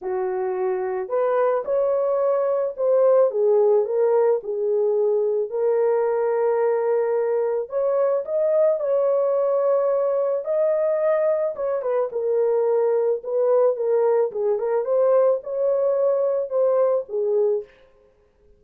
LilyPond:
\new Staff \with { instrumentName = "horn" } { \time 4/4 \tempo 4 = 109 fis'2 b'4 cis''4~ | cis''4 c''4 gis'4 ais'4 | gis'2 ais'2~ | ais'2 cis''4 dis''4 |
cis''2. dis''4~ | dis''4 cis''8 b'8 ais'2 | b'4 ais'4 gis'8 ais'8 c''4 | cis''2 c''4 gis'4 | }